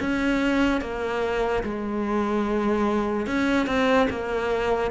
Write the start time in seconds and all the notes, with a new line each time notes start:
0.00 C#4
0.81 A#3
1.63 G#3
3.26 C#4
3.67 C4
4.09 A#3